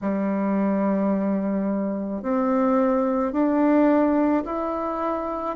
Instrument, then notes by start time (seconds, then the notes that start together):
bassoon
0.01 G3
2.22 C4
3.32 D4
4.45 E4